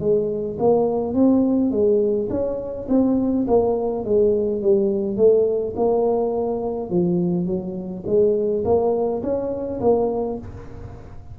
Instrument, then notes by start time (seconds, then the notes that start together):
tuba
0.00 G#3
0.59 A#3
1.14 C4
1.71 G#3
2.30 C#4
2.88 C4
3.48 A#3
4.05 G#3
4.62 G3
5.17 A3
5.76 A#3
6.90 F3
7.46 F#3
8.07 G#3
8.65 A#3
9.23 C#4
9.81 A#3